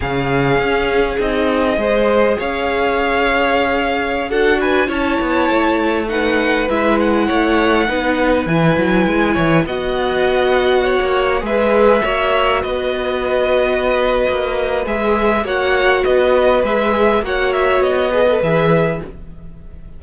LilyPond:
<<
  \new Staff \with { instrumentName = "violin" } { \time 4/4 \tempo 4 = 101 f''2 dis''2 | f''2.~ f''16 fis''8 gis''16~ | gis''16 a''2 fis''4 e''8 fis''16~ | fis''2~ fis''16 gis''4.~ gis''16~ |
gis''16 fis''2. e''8.~ | e''4~ e''16 dis''2~ dis''8.~ | dis''4 e''4 fis''4 dis''4 | e''4 fis''8 e''8 dis''4 e''4 | }
  \new Staff \with { instrumentName = "violin" } { \time 4/4 gis'2. c''4 | cis''2.~ cis''16 a'8 b'16~ | b'16 cis''2 b'4.~ b'16~ | b'16 cis''4 b'2~ b'8 cis''16~ |
cis''16 dis''2 cis''4 b'8.~ | b'16 cis''4 b'2~ b'8.~ | b'2 cis''4 b'4~ | b'4 cis''4. b'4. | }
  \new Staff \with { instrumentName = "viola" } { \time 4/4 cis'2 dis'4 gis'4~ | gis'2.~ gis'16 fis'8.~ | fis'16 e'2 dis'4 e'8.~ | e'4~ e'16 dis'4 e'4.~ e'16~ |
e'16 fis'2. gis'8.~ | gis'16 fis'2.~ fis'8.~ | fis'4 gis'4 fis'2 | gis'4 fis'4. gis'16 a'16 gis'4 | }
  \new Staff \with { instrumentName = "cello" } { \time 4/4 cis4 cis'4 c'4 gis4 | cis'2.~ cis'16 d'8.~ | d'16 cis'8 b8 a2 gis8.~ | gis16 a4 b4 e8 fis8 gis8 e16~ |
e16 b2~ b16 ais8. gis8.~ | gis16 ais4 b2~ b8. | ais4 gis4 ais4 b4 | gis4 ais4 b4 e4 | }
>>